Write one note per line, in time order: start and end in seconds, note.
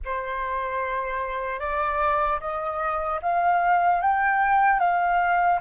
0.04 1.59 C5
1.59 2.39 D5
2.40 3.20 D#5
3.22 4.01 F5
4.01 4.79 G5
4.79 5.59 F5